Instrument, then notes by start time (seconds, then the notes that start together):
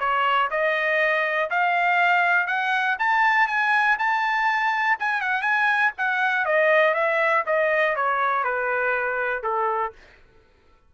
trumpet
0.00 C#5
0.51 D#5
1.51 F5
2.47 F#5
3.00 A5
3.48 G#5
3.99 A5
5.00 G#5
5.22 F#5
5.42 G#5
5.98 F#5
6.46 D#5
6.95 E5
7.47 D#5
7.96 C#5
8.44 B4
9.43 A4